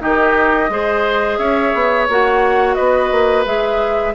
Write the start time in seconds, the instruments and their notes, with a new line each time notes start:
0.00 bassoon D#3, clarinet D#4, oboe G4, flute D#5
0.69 bassoon G#3, clarinet G#4, oboe C5
1.38 bassoon C#4, oboe C#5, flute E5
1.74 bassoon B3
2.09 bassoon A#3, clarinet F#4, flute F#5
2.75 bassoon B3, oboe B4, flute D#5
3.11 bassoon A#3
3.45 bassoon G#3, clarinet G#4, flute E5